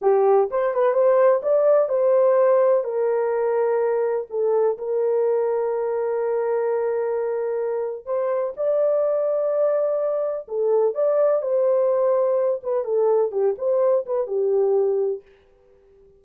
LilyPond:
\new Staff \with { instrumentName = "horn" } { \time 4/4 \tempo 4 = 126 g'4 c''8 b'8 c''4 d''4 | c''2 ais'2~ | ais'4 a'4 ais'2~ | ais'1~ |
ais'4 c''4 d''2~ | d''2 a'4 d''4 | c''2~ c''8 b'8 a'4 | g'8 c''4 b'8 g'2 | }